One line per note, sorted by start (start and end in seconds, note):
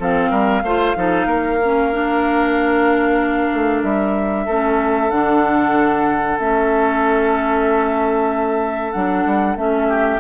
0.00 0.32 F3
0.00 0.64 C4
0.00 0.31 A4
0.00 3.83 F5
0.31 0.63 G3
0.31 0.63 A#4
0.63 0.95 A3
0.63 0.96 F4
0.63 0.97 C5
0.96 1.26 F3
0.96 1.59 D#4
0.96 1.27 A4
1.26 3.50 A#3
1.26 4.45 A#4
1.65 1.93 C#4
1.93 4.48 D4
3.54 3.84 A3
3.83 4.47 G3
3.83 5.11 E5
4.45 5.11 A3
4.45 5.11 C#4
4.45 9.88 A4
5.11 6.39 D3
5.11 6.39 D4
5.11 6.38 F#5
6.40 8.95 A3
6.40 8.94 C#4
6.40 8.93 E5
8.93 9.26 F#3
8.93 9.57 D4
8.93 9.56 F#5
9.26 9.56 G3
9.56 10.20 A3
9.56 10.21 C#4
9.56 10.21 E5
9.89 10.21 G4